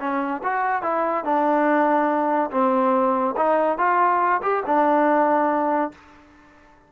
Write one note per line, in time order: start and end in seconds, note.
0.00 0.42 C#4
0.43 0.83 F#4
0.83 1.25 E4
1.25 2.51 D4
2.51 3.35 C4
3.37 3.79 D#4
3.79 4.42 F4
4.43 4.64 G4
4.66 5.92 D4